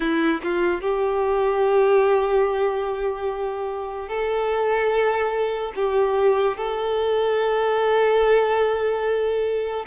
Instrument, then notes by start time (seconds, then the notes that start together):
violin
0.00 E4
0.42 F4
0.81 G4
4.08 A4
5.75 G4
6.57 A4